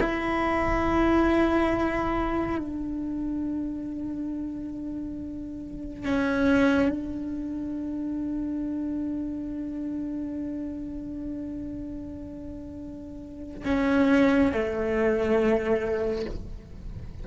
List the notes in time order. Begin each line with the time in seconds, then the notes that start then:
0.00 E4
2.58 D4
6.05 C#4
6.89 D4
13.65 C#4
14.52 A3